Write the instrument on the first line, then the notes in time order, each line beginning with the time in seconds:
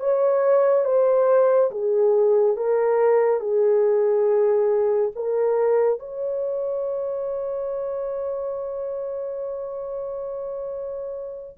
horn
0.00 C#5
0.85 C5
1.71 G#4
2.57 A#4
3.40 G#4
5.15 A#4
6.00 C#5